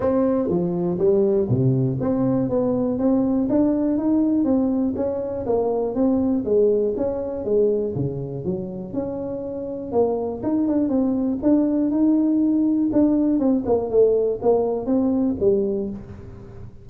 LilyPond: \new Staff \with { instrumentName = "tuba" } { \time 4/4 \tempo 4 = 121 c'4 f4 g4 c4 | c'4 b4 c'4 d'4 | dis'4 c'4 cis'4 ais4 | c'4 gis4 cis'4 gis4 |
cis4 fis4 cis'2 | ais4 dis'8 d'8 c'4 d'4 | dis'2 d'4 c'8 ais8 | a4 ais4 c'4 g4 | }